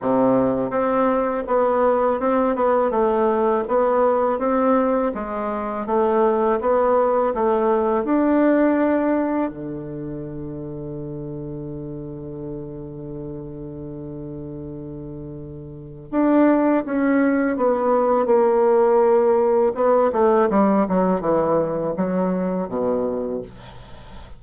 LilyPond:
\new Staff \with { instrumentName = "bassoon" } { \time 4/4 \tempo 4 = 82 c4 c'4 b4 c'8 b8 | a4 b4 c'4 gis4 | a4 b4 a4 d'4~ | d'4 d2.~ |
d1~ | d2 d'4 cis'4 | b4 ais2 b8 a8 | g8 fis8 e4 fis4 b,4 | }